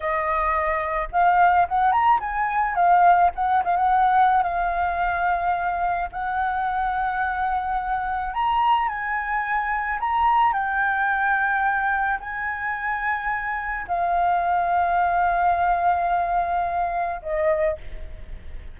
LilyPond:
\new Staff \with { instrumentName = "flute" } { \time 4/4 \tempo 4 = 108 dis''2 f''4 fis''8 ais''8 | gis''4 f''4 fis''8 f''16 fis''4~ fis''16 | f''2. fis''4~ | fis''2. ais''4 |
gis''2 ais''4 g''4~ | g''2 gis''2~ | gis''4 f''2.~ | f''2. dis''4 | }